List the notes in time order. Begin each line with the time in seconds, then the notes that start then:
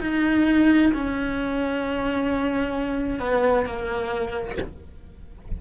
0.00 D#4
0.94 C#4
3.20 B3
3.66 A#3